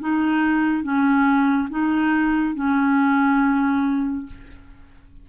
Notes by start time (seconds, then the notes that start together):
0.00 D#4
0.83 C#4
1.70 D#4
2.55 C#4